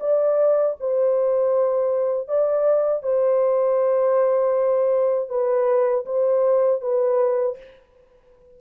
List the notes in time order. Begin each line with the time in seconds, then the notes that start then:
0.00 D5
0.80 C5
2.28 D5
3.03 C5
5.29 B4
6.06 C5
6.81 B4